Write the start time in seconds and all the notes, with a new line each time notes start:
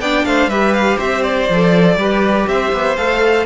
0.00 B3 D4 D5 G5
0.25 A3 C5 F5
0.47 G3 G4 B4 E5
0.74 F5
0.97 C4 C5 E5
1.23 D5
1.49 F3 A4
1.96 G3 G4 B4
2.47 C4 C5 E5
2.72 B3
2.96 A3 A4 F5